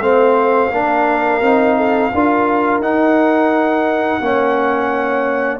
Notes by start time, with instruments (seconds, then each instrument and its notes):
0.00 tuba A3, trombone C4, horn C5, trumpet F5
0.72 tuba A#3, trombone D4, horn A#4
1.41 tuba C4, trombone D#4
1.77 horn A4
2.14 tuba D4, trombone F4, horn A#4
2.79 tuba D#4, trombone D#4, trumpet F#5
4.21 tuba A#3, trombone C#4, horn C#5